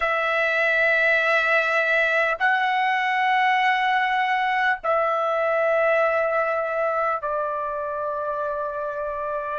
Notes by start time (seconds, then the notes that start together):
0.00 E5
2.39 F#5
4.83 E5
7.21 D5